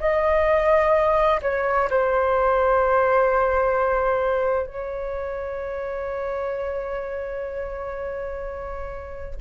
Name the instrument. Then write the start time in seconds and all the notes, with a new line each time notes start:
flute
0.00 D#5
1.42 C#5
1.90 C5
4.67 C#5